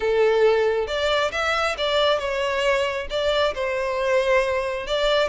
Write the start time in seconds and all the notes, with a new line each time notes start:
0.00 A4
0.87 D5
1.31 E5
1.77 D5
2.19 C#5
3.10 D5
3.54 C5
4.86 D5